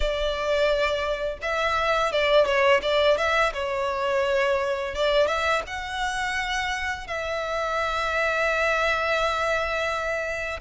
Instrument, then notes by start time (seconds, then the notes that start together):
violin
0.00 D5
1.41 E5
2.12 D5
2.45 C#5
2.82 D5
3.17 E5
3.53 C#5
4.94 D5
5.27 E5
5.67 F#5
7.07 E5